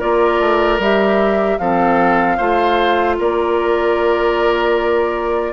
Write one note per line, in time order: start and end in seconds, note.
0.00 0.40 A#3
0.00 0.79 F4
0.00 1.58 A#4
0.00 0.80 D5
0.40 0.79 A3
0.79 1.58 G3
0.79 1.60 G4
0.79 1.59 E5
1.59 2.39 F3
1.59 2.39 C4
1.59 2.37 A4
1.59 3.16 F5
2.37 3.19 A3
2.37 5.53 F4
2.37 3.16 C5
3.19 5.53 A#3
3.19 5.53 A#4
3.19 5.53 D5